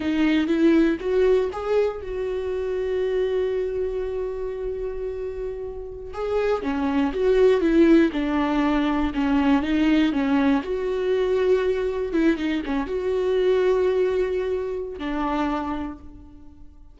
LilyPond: \new Staff \with { instrumentName = "viola" } { \time 4/4 \tempo 4 = 120 dis'4 e'4 fis'4 gis'4 | fis'1~ | fis'1~ | fis'16 gis'4 cis'4 fis'4 e'8.~ |
e'16 d'2 cis'4 dis'8.~ | dis'16 cis'4 fis'2~ fis'8.~ | fis'16 e'8 dis'8 cis'8 fis'2~ fis'16~ | fis'2 d'2 | }